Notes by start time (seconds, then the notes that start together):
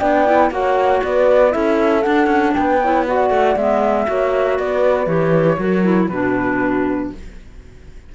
0.00 B3 D4 D5 G5
0.26 E4
0.51 A#3 F#4 C#5 F#5
1.04 B3 B4 D5
1.51 C#4 E4 A4 E5
2.03 D4 F#5
2.27 C#4
2.54 B3 B4 G5
2.82 E4 C#5
3.07 F#4 D5 F#5
3.31 A3
3.57 G#3 B3 E5
4.07 A#3 F#4 C#5
4.59 B3 B4 D5
5.07 E3 G4 C#5
5.59 F#3 F#4 A#4
5.84 E4
6.08 B2 D4 F#4 B4